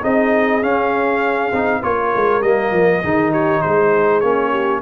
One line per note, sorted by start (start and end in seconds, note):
0.00 0.61 C4
0.00 0.62 D#4
0.00 1.80 G#4
0.00 0.63 D#5
0.61 1.52 C#4
0.61 1.83 F5
1.52 1.82 C4
1.52 1.81 D#4
1.81 2.12 A#3
1.81 2.42 F4
1.81 3.01 A#4
1.81 2.42 C#5
2.15 2.41 G#3
2.41 2.71 G3
2.41 3.03 A#3
2.41 3.31 D#5
2.71 3.01 F3
3.02 3.63 D#3
3.02 4.23 D#4
3.02 3.31 G#4
3.31 3.61 G4
3.31 3.61 C#5
3.61 4.22 G#3
3.61 4.50 G#4
3.61 4.20 C5
4.20 4.82 A#3
4.20 4.82 C#4
4.20 4.80 C#5
4.50 4.80 G4